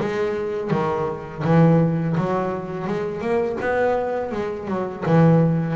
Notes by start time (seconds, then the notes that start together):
0.00 G#3
0.71 D#3
1.44 E3
2.17 F#3
2.88 G#3
3.21 A#3
3.61 B3
4.31 G#3
4.68 F#3
5.06 E3